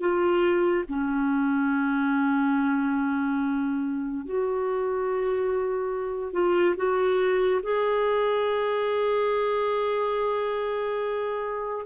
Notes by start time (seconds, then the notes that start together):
0.00 F4
0.88 C#4
4.26 F#4
6.33 F4
6.76 F#4
7.63 G#4